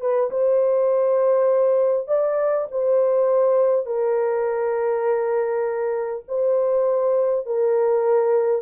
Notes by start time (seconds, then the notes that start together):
0.00 B4
0.30 C5
2.07 D5
2.71 C5
3.86 A#4
6.28 C5
7.46 A#4